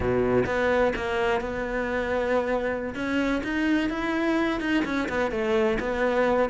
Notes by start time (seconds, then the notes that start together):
0.00 B2
0.45 B3
0.96 A#3
1.40 B3
2.94 C#4
3.43 D#4
3.89 E4
4.60 D#4
4.84 C#4
5.08 B3
5.31 A3
5.79 B3